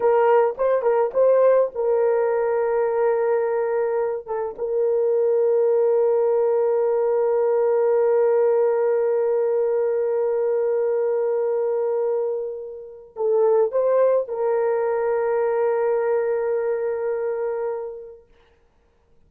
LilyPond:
\new Staff \with { instrumentName = "horn" } { \time 4/4 \tempo 4 = 105 ais'4 c''8 ais'8 c''4 ais'4~ | ais'2.~ ais'8 a'8 | ais'1~ | ais'1~ |
ais'1~ | ais'2. a'4 | c''4 ais'2.~ | ais'1 | }